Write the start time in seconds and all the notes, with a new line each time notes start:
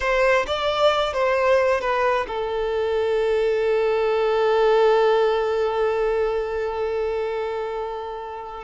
0.00 C5
0.46 D5
1.13 C5
1.81 B4
2.27 A4